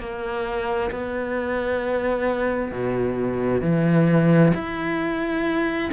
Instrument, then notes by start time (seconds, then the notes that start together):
cello
0.00 A#3
0.91 B3
2.71 B2
3.62 E3
4.54 E4